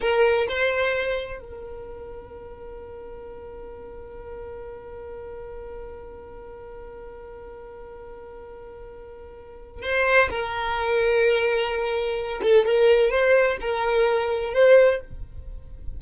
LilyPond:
\new Staff \with { instrumentName = "violin" } { \time 4/4 \tempo 4 = 128 ais'4 c''2 ais'4~ | ais'1~ | ais'1~ | ais'1~ |
ais'1~ | ais'4 c''4 ais'2~ | ais'2~ ais'8 a'8 ais'4 | c''4 ais'2 c''4 | }